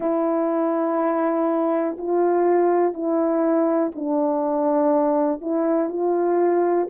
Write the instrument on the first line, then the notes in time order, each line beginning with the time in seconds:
horn
0.00 E4
1.98 F4
2.93 E4
3.95 D4
5.41 E4
5.89 F4